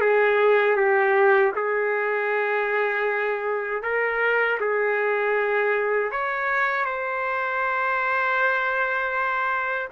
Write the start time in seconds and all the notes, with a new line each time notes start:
0.00 G#4
0.76 G4
1.55 G#4
3.83 A#4
4.60 G#4
6.11 C#5
6.85 C5